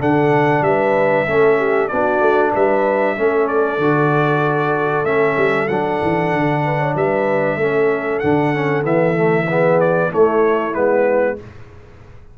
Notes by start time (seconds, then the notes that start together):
0.00 D3 D4 A4 F#5
0.61 G3 B4 E5
1.27 A3 C#4 A4
1.58 G4
1.88 B3 D4 F#4 D5
2.21 A3
2.52 G3 B4 E5
3.17 A3 C#4 A4
3.48 D5
3.78 D3 F#4
5.04 A3 C#4 E5
5.37 G3
5.68 F#3 D4 F#5
6.02 E3
6.33 D3
6.65 B4
6.79 C#5
6.95 G3 B4 E5
7.57 A3 C#4 A4
8.19 D3 D4 F#5
8.54 C#4
8.83 E3 B3 E5
9.15 A3
9.49 B3 G#4
9.80 D5
10.10 A3 E4 C#5
10.73 G#3 B3 B4